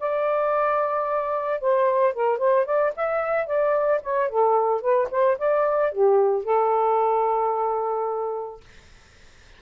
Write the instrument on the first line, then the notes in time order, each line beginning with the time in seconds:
saxophone
0.00 D5
1.61 C5
2.13 A#4
2.38 C5
2.65 D5
2.96 E5
3.46 D5
4.03 C#5
4.29 A4
4.81 B4
5.11 C5
5.38 D5
5.92 G4
6.44 A4